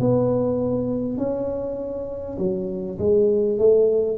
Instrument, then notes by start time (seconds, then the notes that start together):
tuba
0.00 B3
1.17 C#4
2.38 F#3
2.99 G#3
3.58 A3